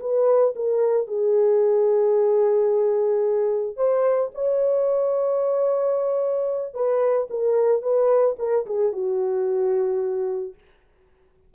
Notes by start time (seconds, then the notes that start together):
0.00 B4
0.56 A#4
1.07 G#4
3.76 C5
4.34 C#5
6.74 B4
7.30 A#4
7.82 B4
8.39 A#4
8.66 G#4
8.92 F#4